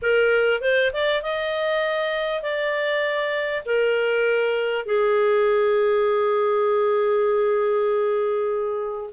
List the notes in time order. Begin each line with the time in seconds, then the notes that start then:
0.02 A#4
0.61 C5
0.93 D5
1.22 D#5
2.42 D5
3.65 A#4
4.85 G#4